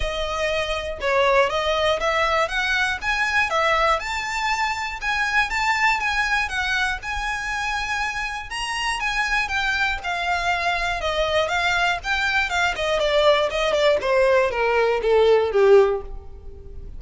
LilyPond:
\new Staff \with { instrumentName = "violin" } { \time 4/4 \tempo 4 = 120 dis''2 cis''4 dis''4 | e''4 fis''4 gis''4 e''4 | a''2 gis''4 a''4 | gis''4 fis''4 gis''2~ |
gis''4 ais''4 gis''4 g''4 | f''2 dis''4 f''4 | g''4 f''8 dis''8 d''4 dis''8 d''8 | c''4 ais'4 a'4 g'4 | }